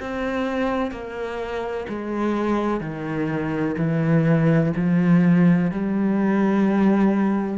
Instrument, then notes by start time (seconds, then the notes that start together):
cello
0.00 C4
0.91 A#3
1.89 G#3
2.81 D#3
3.77 E3
4.76 F3
5.71 G3